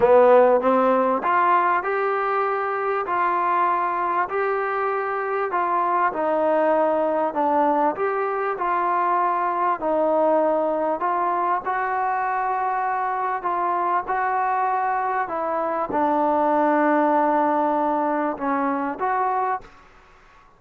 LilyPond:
\new Staff \with { instrumentName = "trombone" } { \time 4/4 \tempo 4 = 98 b4 c'4 f'4 g'4~ | g'4 f'2 g'4~ | g'4 f'4 dis'2 | d'4 g'4 f'2 |
dis'2 f'4 fis'4~ | fis'2 f'4 fis'4~ | fis'4 e'4 d'2~ | d'2 cis'4 fis'4 | }